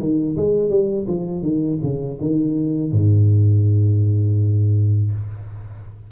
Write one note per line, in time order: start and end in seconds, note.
0.00 0.37 D#3
0.37 0.70 G#3
0.70 1.07 G3
1.08 1.42 F3
1.42 1.79 D#3
1.83 2.20 C#3
2.21 2.92 D#3
2.92 5.12 G#2